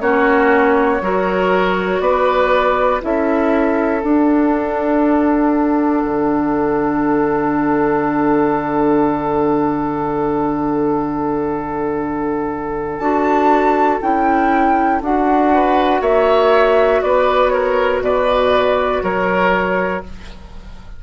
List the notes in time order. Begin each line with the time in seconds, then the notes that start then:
0.00 A#3 C#4 F#4 C#5
1.01 F#3 F#4 A#4
2.00 B3 B4 D5
3.00 C#4 E4 A4 E5
4.02 D4 F#5
6.04 D3
12.99 D4 F#4 A5
14.01 C#4 E4 G5
15.02 D4 F#4 F#5
15.53 B4
16.01 A#3 C#5 E5
17.02 B3 B4 D5
17.49 A#4 C#5
18.01 B2 B4 D5
19.02 F#3 A#4 C#5